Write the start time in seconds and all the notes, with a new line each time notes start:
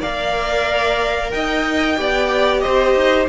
0.00 A#3 A#4 D5 F5
1.31 D#4 D#5 G5
1.97 B3 G4 D5
2.60 C5 D#5
2.67 C4
2.95 D#4